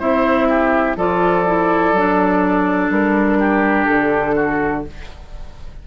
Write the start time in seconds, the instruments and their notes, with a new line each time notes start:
0.00 bassoon C4, clarinet E4, oboe C5, flute E5
0.49 oboe G4
0.97 bassoon F3, clarinet F4, oboe A4, flute D5
1.47 clarinet E4
1.93 bassoon F#3, clarinet D4
2.90 bassoon G3, flute A#4
3.39 oboe G4
3.85 bassoon D3, flute A4
4.35 oboe F#4